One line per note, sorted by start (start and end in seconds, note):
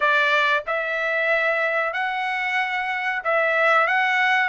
0.00 0.63 D5
0.67 1.93 E5
1.93 3.22 F#5
3.24 3.87 E5
3.87 4.48 F#5